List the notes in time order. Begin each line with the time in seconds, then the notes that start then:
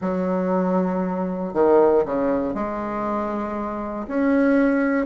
0.01 F#3
1.53 D#3
2.05 C#3
2.54 G#3
4.07 C#4